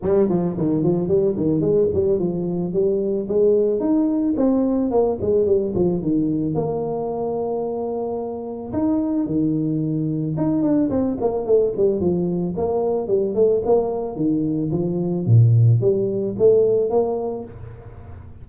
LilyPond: \new Staff \with { instrumentName = "tuba" } { \time 4/4 \tempo 4 = 110 g8 f8 dis8 f8 g8 dis8 gis8 g8 | f4 g4 gis4 dis'4 | c'4 ais8 gis8 g8 f8 dis4 | ais1 |
dis'4 dis2 dis'8 d'8 | c'8 ais8 a8 g8 f4 ais4 | g8 a8 ais4 dis4 f4 | ais,4 g4 a4 ais4 | }